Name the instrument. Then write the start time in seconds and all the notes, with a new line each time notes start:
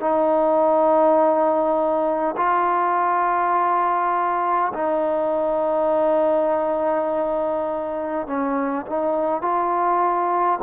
trombone
0.00 D#4
2.37 F4
4.74 D#4
8.27 C#4
8.87 D#4
9.42 F4